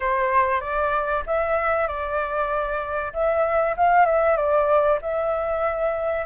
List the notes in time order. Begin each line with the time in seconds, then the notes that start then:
0.00 C5
0.61 D5
1.26 E5
1.87 D5
3.13 E5
3.77 F5
4.05 E5
4.36 D5
5.01 E5